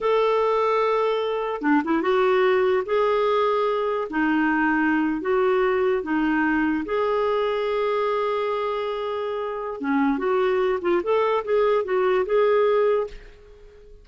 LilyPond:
\new Staff \with { instrumentName = "clarinet" } { \time 4/4 \tempo 4 = 147 a'1 | d'8 e'8 fis'2 gis'4~ | gis'2 dis'2~ | dis'8. fis'2 dis'4~ dis'16~ |
dis'8. gis'2.~ gis'16~ | gis'1 | cis'4 fis'4. f'8 a'4 | gis'4 fis'4 gis'2 | }